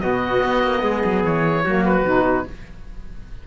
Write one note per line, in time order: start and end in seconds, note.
0.00 0.43 B2
0.00 1.63 B3
0.00 0.84 F#4
0.00 1.23 D#5
0.43 0.64 B3
0.64 0.83 A#3
0.83 1.03 G#3
0.83 1.65 G#4
1.05 1.24 F#3
1.24 1.65 E3
1.24 1.85 C#5
1.65 2.04 F#3
1.65 2.06 A#3
1.65 2.46 F#4
1.85 2.47 B4
2.04 2.45 B2
2.04 2.47 D#4